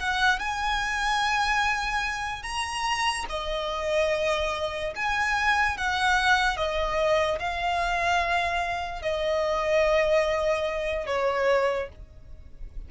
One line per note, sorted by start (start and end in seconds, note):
0.00 0.40 F#5
0.40 2.44 G#5
2.44 3.26 A#5
3.30 4.94 D#5
4.96 5.78 G#5
5.78 6.57 F#5
6.57 7.39 D#5
7.40 9.03 F5
9.03 11.07 D#5
11.07 11.89 C#5